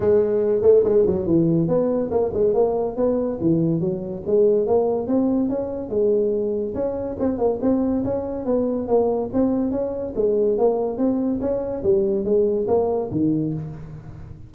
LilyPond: \new Staff \with { instrumentName = "tuba" } { \time 4/4 \tempo 4 = 142 gis4. a8 gis8 fis8 e4 | b4 ais8 gis8 ais4 b4 | e4 fis4 gis4 ais4 | c'4 cis'4 gis2 |
cis'4 c'8 ais8 c'4 cis'4 | b4 ais4 c'4 cis'4 | gis4 ais4 c'4 cis'4 | g4 gis4 ais4 dis4 | }